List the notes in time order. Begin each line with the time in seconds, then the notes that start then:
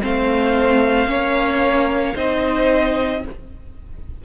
0.00 A3 C4 C5 F5
1.06 A#3 C#4 C#5
2.14 C4 D#4 C5 D#5